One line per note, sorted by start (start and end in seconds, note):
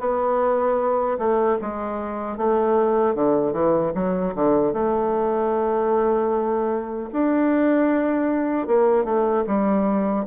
0.00 1.18 B3
1.19 1.58 A3
1.61 2.37 G#3
2.37 3.15 A3
3.15 3.53 D3
3.53 3.93 E3
3.95 4.34 F#3
4.35 4.74 D3
4.74 7.11 A3
7.13 8.68 D4
8.68 9.05 A#3
9.05 9.44 A3
9.47 10.26 G3